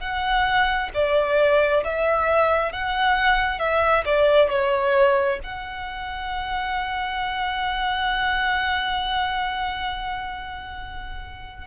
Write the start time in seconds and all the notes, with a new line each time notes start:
0.00 F#5
0.94 D5
1.84 E5
2.72 F#5
3.59 E5
4.05 D5
4.50 C#5
5.43 F#5